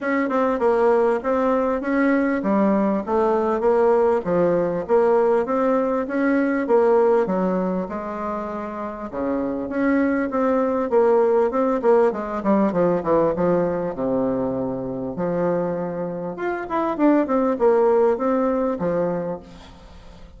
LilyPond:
\new Staff \with { instrumentName = "bassoon" } { \time 4/4 \tempo 4 = 99 cis'8 c'8 ais4 c'4 cis'4 | g4 a4 ais4 f4 | ais4 c'4 cis'4 ais4 | fis4 gis2 cis4 |
cis'4 c'4 ais4 c'8 ais8 | gis8 g8 f8 e8 f4 c4~ | c4 f2 f'8 e'8 | d'8 c'8 ais4 c'4 f4 | }